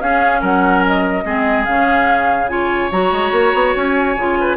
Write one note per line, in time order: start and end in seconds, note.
0.00 0.41 C#4
0.00 1.24 C#4
0.00 0.41 G#4
0.00 0.42 F5
0.41 1.24 F#3
0.41 1.24 A#4
0.41 0.84 F#5
0.86 1.65 D#5
1.24 1.66 G#3
1.24 1.66 C4
1.24 2.50 G#4
1.65 2.91 C#3
1.65 2.48 C#4
1.65 2.48 F5
2.48 2.90 F4
2.48 4.38 C#5
2.48 2.90 G#5
2.91 3.12 F#3
2.91 4.17 F#4
2.91 3.75 A#5
3.12 3.31 G#3
3.31 3.52 A#3
3.54 3.74 B3
3.75 4.16 C#4
3.75 4.56 G#5
4.16 4.56 C#3
4.16 4.56 F4
4.40 4.56 B4